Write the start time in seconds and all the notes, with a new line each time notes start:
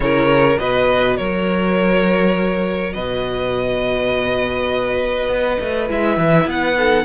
0.00 C#3 E4 A#4 C#5
0.57 B2 F#4 B4 D#5
1.17 F#3 A#4 C#5
2.93 B2 B4 D#5
5.28 B3
5.60 A3
5.88 G#3 E4 E5
6.17 E3
6.45 B3 F#5
6.76 D#4 A4